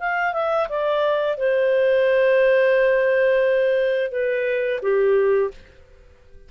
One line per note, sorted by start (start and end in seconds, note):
0.00 0.34 F5
0.34 0.68 E5
0.70 1.38 D5
1.38 4.12 C5
4.12 4.81 B4
4.82 5.51 G4